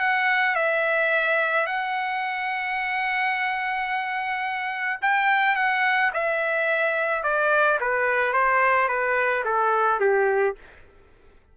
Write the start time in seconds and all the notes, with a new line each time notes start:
0.00 F#5
0.56 E5
1.67 F#5
5.02 G5
5.56 F#5
6.14 E5
7.23 D5
7.81 B4
8.34 C5
8.89 B4
9.45 A4
10.01 G4